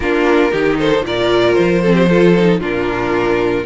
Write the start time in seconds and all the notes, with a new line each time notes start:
0.00 A#3 D4 F4 A#4
0.51 D#3 D#4 G4
0.78 A4 C5
1.02 A#2 F4 A#4 D5
1.53 F3 C5
1.81 C4 A4
1.93 G4
2.08 F4 A4
2.38 D#4
2.59 A#2 D4 F4 A#4